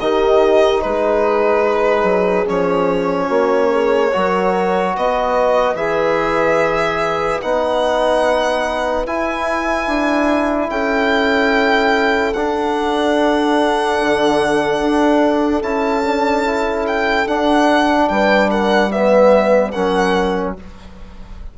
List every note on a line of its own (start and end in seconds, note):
0.00 0.83 D#3
0.00 2.46 D#4
0.00 0.85 G4
0.00 0.81 D#5
0.81 2.03 G#3
0.81 3.27 G#4
0.81 2.45 B4
2.03 2.44 F#3
2.46 3.29 F3
2.46 4.11 C#4
2.46 4.96 C#5
3.27 4.11 A#3
3.27 3.68 F#4
3.72 4.13 G#4
4.12 4.97 F#3
4.12 5.77 F#4
4.12 4.93 A#4
4.93 5.75 B3
4.93 10.68 B4
4.93 5.76 D#5
5.75 7.39 E3
5.75 7.41 G#4
5.75 7.41 E5
7.42 9.07 B3
7.42 9.06 D#4
7.42 9.06 F#5
9.06 12.35 E4
9.06 9.87 E4
9.06 10.70 G#5
9.87 10.69 D4
10.70 12.34 C#4
10.70 18.10 A4
10.70 12.33 G5
12.33 13.99 D4
12.33 15.62 D4
12.33 15.62 F#5
14.01 14.80 D3
14.80 15.62 D4
15.62 17.27 C#4
15.62 16.04 E4
15.62 16.86 A5
16.04 16.45 D4
16.45 17.27 E4
16.87 17.27 G5
17.27 18.91 D4
17.27 18.09 D4
17.27 18.09 F#5
18.09 19.74 G3
18.09 18.50 B4
18.09 18.50 G5
18.50 18.91 A#4
18.50 18.92 F#5
18.91 19.73 B3
18.91 19.74 B4
18.91 19.71 E5
19.71 20.58 F#3
19.71 20.57 C#4
19.71 20.56 A#4
19.71 20.53 F#5